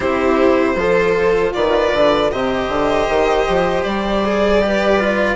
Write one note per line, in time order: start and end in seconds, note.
0.00 0.75 C4
0.00 0.75 E4
0.00 0.75 G4
0.00 1.52 C5
0.75 1.52 F3
0.75 2.32 F4
0.75 1.54 A4
1.53 1.93 D#3
1.53 2.32 B4
1.53 2.30 D5
1.93 2.31 D3
2.31 2.68 C3
2.31 4.24 G4
2.31 4.62 C5
2.31 3.83 D#5
2.68 3.07 D3
3.08 3.46 D#3
3.48 3.85 F3
3.83 5.36 G3
3.83 5.36 D5
4.24 4.61 G#4
4.61 4.99 G4
4.61 5.36 B4
4.99 5.36 F4